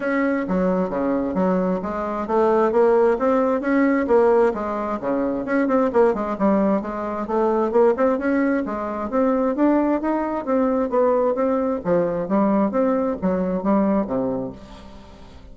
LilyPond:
\new Staff \with { instrumentName = "bassoon" } { \time 4/4 \tempo 4 = 132 cis'4 fis4 cis4 fis4 | gis4 a4 ais4 c'4 | cis'4 ais4 gis4 cis4 | cis'8 c'8 ais8 gis8 g4 gis4 |
a4 ais8 c'8 cis'4 gis4 | c'4 d'4 dis'4 c'4 | b4 c'4 f4 g4 | c'4 fis4 g4 c4 | }